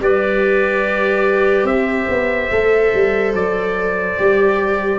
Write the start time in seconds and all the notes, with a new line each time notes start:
0.00 G3 G4 B4 D5
1.64 C4 C5 E5
2.09 B3
2.51 A3 A4
2.94 G3
3.34 F#3 D5
4.18 G3 G4